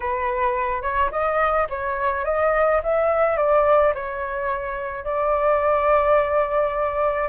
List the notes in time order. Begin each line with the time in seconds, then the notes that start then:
0.00 B4
0.81 C#5
1.11 D#5
1.69 C#5
2.25 D#5
2.83 E5
3.36 D5
3.94 C#5
5.04 D5